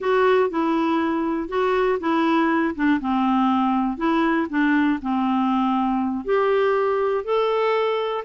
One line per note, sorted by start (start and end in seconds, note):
0.00 0.50 F#4
0.50 1.48 E4
1.48 1.98 F#4
2.00 2.75 E4
2.75 3.00 D4
3.00 3.97 C4
3.97 4.47 E4
4.49 4.99 D4
5.01 6.25 C4
6.25 7.24 G4
7.24 8.24 A4